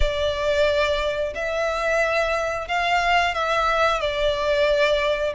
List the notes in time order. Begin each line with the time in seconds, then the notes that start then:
0.00 D5
1.34 E5
2.68 F5
3.34 E5
4.00 D5